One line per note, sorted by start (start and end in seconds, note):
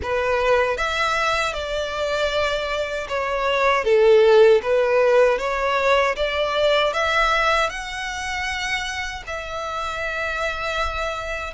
0.02 0.77 B4
0.77 1.53 E5
1.53 3.07 D5
3.08 3.84 C#5
3.84 4.61 A4
4.62 5.38 B4
5.38 6.15 C#5
6.16 6.93 D5
6.93 7.69 E5
7.69 9.23 F#5
9.26 11.54 E5